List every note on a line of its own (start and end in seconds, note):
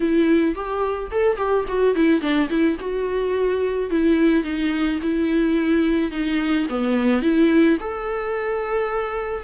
0.00 0.55 E4
0.55 1.10 G4
1.11 1.36 A4
1.36 1.64 G4
1.68 1.95 F#4
1.95 2.21 E4
2.21 2.48 D4
2.49 2.77 E4
2.80 3.90 F#4
3.90 4.43 E4
4.43 4.99 D#4
5.02 6.11 E4
6.11 6.66 D#4
6.69 7.22 B3
7.22 7.77 E4
7.80 9.43 A4